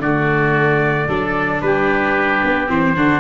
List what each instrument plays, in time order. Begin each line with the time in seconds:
0.00 tuba D3, viola A3, oboe F#4, trumpet D5
1.08 tuba F#3, viola D4, oboe A4
1.62 tuba G3, oboe G4, trumpet B4
2.45 tuba B3
2.68 tuba E3, viola C4, trumpet C5
2.96 tuba D3, viola D4, oboe F#4